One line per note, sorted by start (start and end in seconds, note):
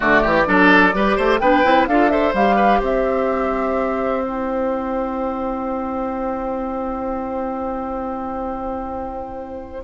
0.00 0.24 D3
0.00 0.43 A3
0.00 0.22 F#4
0.00 1.38 D5
0.22 0.47 E3
0.22 0.45 G4
0.45 0.94 F#3
0.45 0.92 D4
0.45 0.95 A4
0.93 1.17 G3
0.93 1.40 G4
0.93 1.16 B4
1.16 1.40 A3
1.16 1.39 C5
1.38 1.64 B3
1.38 1.64 D4
1.38 1.88 B4
1.38 1.85 G5
1.64 1.87 C4
1.64 1.87 E4
1.87 2.33 D4
1.87 2.10 F4
1.87 2.11 A4
1.87 2.09 F5
2.09 2.33 A4
2.09 2.56 C5
2.09 2.33 E5
2.33 2.80 G3
2.33 4.24 G4
2.33 2.81 F5
2.56 2.79 B4
2.79 9.84 C4
2.79 9.82 C5
2.79 4.22 E5
4.22 9.84 E4
4.22 9.84 G5